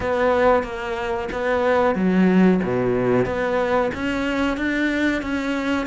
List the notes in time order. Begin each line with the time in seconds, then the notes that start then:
0.00 B3
0.63 A#3
1.32 B3
1.95 F#3
2.63 B2
3.25 B3
3.94 C#4
4.57 D4
5.22 C#4